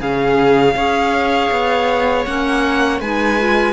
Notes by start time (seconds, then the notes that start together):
0.00 C#3 C#4 G#4 F5
0.75 C#4 G#4 C#5
1.51 B3
2.25 A#3 C#4 F#5
3.00 G#3 D#4 B4 G#5
3.39 F4